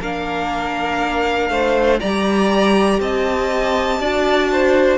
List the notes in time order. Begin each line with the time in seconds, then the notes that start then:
0.00 A#3 D4 A#4 F5
1.49 A3 C5
2.00 G3 G4 D5 A#5
2.99 C4 D#5 A5
3.99 D4 F#4 D5
4.51 C5